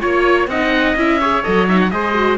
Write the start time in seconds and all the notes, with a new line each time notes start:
0.00 A#3 F4 C#5
0.47 C4 D#4 D#5 F#5
0.96 C#4 E4 E5
1.20 G#4 C#5
1.43 F#3 A4 D#5
1.68 D#4 E5
1.80 F#5
1.90 G#3 G#4 C5 D#5
2.15 F#4